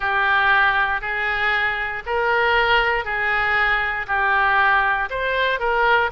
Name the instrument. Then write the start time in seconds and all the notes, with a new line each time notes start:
oboe
0.00 G4
1.01 G#4
2.06 A#4
3.05 G#4
4.07 G4
5.10 C5
5.59 A#4